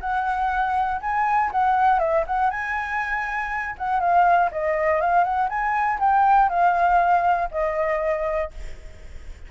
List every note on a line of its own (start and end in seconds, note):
0.00 1.00 F#5
1.00 1.50 G#5
1.51 1.99 F#5
1.99 2.24 E5
2.27 2.50 F#5
2.50 3.75 G#5
3.78 4.00 F#5
4.00 4.50 F5
4.51 5.00 D#5
5.00 5.23 F5
5.23 5.48 F#5
5.49 5.99 G#5
5.99 6.49 G5
6.49 7.49 F5
7.51 8.51 D#5